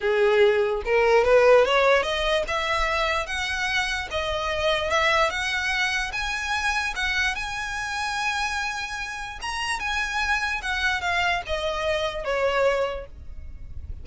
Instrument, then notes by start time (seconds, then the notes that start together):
violin
0.00 G#4
0.85 A#4
1.24 B4
1.65 C#5
2.02 D#5
2.47 E5
3.26 F#5
4.10 D#5
4.90 E5
5.29 F#5
6.12 G#5
6.95 F#5
7.35 G#5
9.41 A#5
9.79 G#5
10.62 F#5
11.01 F5
11.46 D#5
12.24 C#5